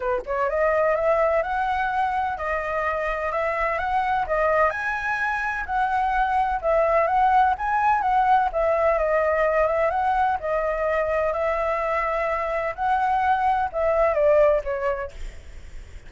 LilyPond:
\new Staff \with { instrumentName = "flute" } { \time 4/4 \tempo 4 = 127 b'8 cis''8 dis''4 e''4 fis''4~ | fis''4 dis''2 e''4 | fis''4 dis''4 gis''2 | fis''2 e''4 fis''4 |
gis''4 fis''4 e''4 dis''4~ | dis''8 e''8 fis''4 dis''2 | e''2. fis''4~ | fis''4 e''4 d''4 cis''4 | }